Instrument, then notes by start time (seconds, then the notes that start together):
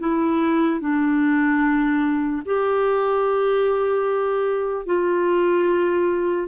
clarinet
0.00 E4
0.81 D4
2.46 G4
4.86 F4